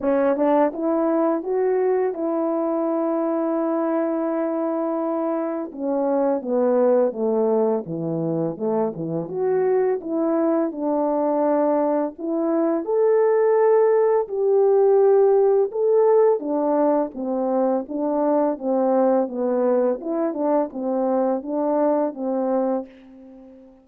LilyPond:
\new Staff \with { instrumentName = "horn" } { \time 4/4 \tempo 4 = 84 cis'8 d'8 e'4 fis'4 e'4~ | e'1 | cis'4 b4 a4 e4 | a8 e8 fis'4 e'4 d'4~ |
d'4 e'4 a'2 | g'2 a'4 d'4 | c'4 d'4 c'4 b4 | e'8 d'8 c'4 d'4 c'4 | }